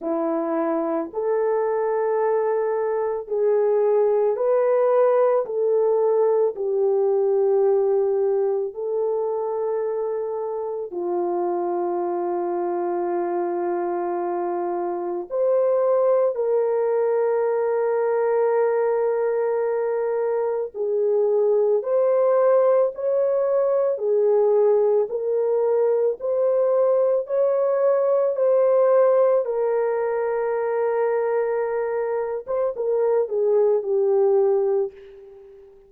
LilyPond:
\new Staff \with { instrumentName = "horn" } { \time 4/4 \tempo 4 = 55 e'4 a'2 gis'4 | b'4 a'4 g'2 | a'2 f'2~ | f'2 c''4 ais'4~ |
ais'2. gis'4 | c''4 cis''4 gis'4 ais'4 | c''4 cis''4 c''4 ais'4~ | ais'4.~ ais'16 c''16 ais'8 gis'8 g'4 | }